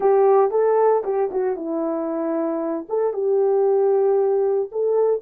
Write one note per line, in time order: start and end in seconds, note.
0.00 0.51 G4
0.51 1.03 A4
1.04 1.30 G4
1.31 1.55 F#4
1.55 2.86 E4
2.88 3.13 A4
3.13 4.69 G4
4.71 5.21 A4